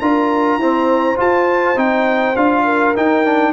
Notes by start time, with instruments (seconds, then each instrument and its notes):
0.00 tuba D4, trombone F4, horn A#4, trumpet A#5
0.57 trombone C4, tuba E4, horn C5
1.16 trombone F4, tuba F4, trumpet A5
1.76 tuba C4, trombone D#4, trumpet G5
2.36 tuba D4, trombone F4, trumpet F5
2.64 horn A#4
2.96 trombone D#4, tuba D#4, trumpet G5
3.25 trombone D4